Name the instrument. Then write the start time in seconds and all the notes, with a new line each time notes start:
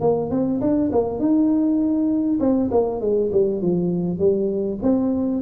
tuba
0.00 A#3
0.30 C4
0.60 D4
0.92 A#3
1.19 D#4
2.39 C4
2.71 A#3
3.00 G#3
3.32 G3
3.61 F3
4.18 G3
4.82 C4